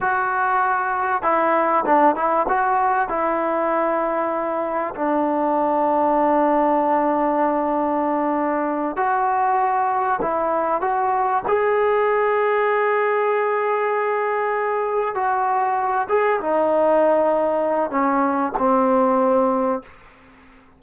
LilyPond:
\new Staff \with { instrumentName = "trombone" } { \time 4/4 \tempo 4 = 97 fis'2 e'4 d'8 e'8 | fis'4 e'2. | d'1~ | d'2~ d'8 fis'4.~ |
fis'8 e'4 fis'4 gis'4.~ | gis'1~ | gis'8 fis'4. gis'8 dis'4.~ | dis'4 cis'4 c'2 | }